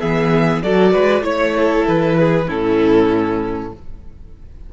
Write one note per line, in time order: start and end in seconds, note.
0.00 0.62 E3
0.00 0.63 B3
0.00 0.62 G#4
0.00 0.62 E5
0.62 0.93 F#3
0.62 1.22 F#4
0.62 0.91 A4
0.62 1.24 D5
0.91 1.22 G#3
0.91 1.22 B4
1.22 1.83 A3
1.22 2.46 E4
1.22 1.85 C#5
1.22 1.55 C#5
1.56 2.18 A4
1.87 2.49 E3
1.87 2.49 B4
2.18 2.47 G#4
2.47 3.72 A2
2.47 3.71 C#4
2.47 3.71 E4
2.47 3.73 A4